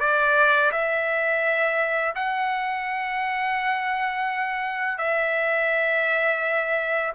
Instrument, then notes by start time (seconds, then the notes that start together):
trumpet
0.00 D5
0.71 E5
2.15 F#5
4.98 E5